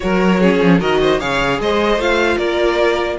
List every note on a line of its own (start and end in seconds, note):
0.00 0.60 F#3
0.00 0.39 F#4
0.00 0.40 A#4
0.00 0.80 C#5
0.40 0.80 C#4
0.40 0.79 G#4
0.60 0.80 F3
0.79 1.20 D#3
0.79 1.20 F#4
0.79 0.99 A#4
0.79 1.19 D#5
1.01 1.20 C5
1.19 1.60 C#3
1.19 1.99 G#4
1.19 1.60 C#5
1.19 1.59 F5
1.60 1.96 G#3
1.60 2.37 C5
1.60 2.00 D#5
1.96 2.36 A3
1.96 3.19 F4
1.96 2.37 F5
2.37 3.18 A#3
2.37 3.17 A#4
2.37 3.17 D5